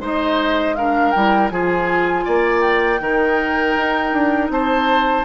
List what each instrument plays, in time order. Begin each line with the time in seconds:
0.00 bassoon G#3, clarinet D#4, oboe C5, flute D#5
0.75 clarinet D4, oboe A#4, flute F5
1.11 bassoon G3, clarinet E4, flute G5
1.50 bassoon F3, clarinet F4, oboe G#4, flute G#5
2.25 bassoon A#3, oboe D5
2.62 flute G5
3.00 bassoon D#3, clarinet D#4, oboe A#4
3.77 bassoon D#4
4.13 bassoon D4
4.50 bassoon C4, oboe C5, flute A5